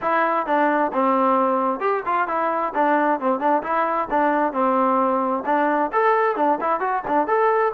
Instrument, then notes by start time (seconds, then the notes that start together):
trombone
0.01 E4
0.46 D4
0.92 C4
1.80 G4
2.05 F4
2.27 E4
2.74 D4
3.20 C4
3.39 D4
3.62 E4
4.10 D4
4.52 C4
5.45 D4
5.92 A4
6.36 D4
6.60 E4
6.80 F#4
7.07 D4
7.27 A4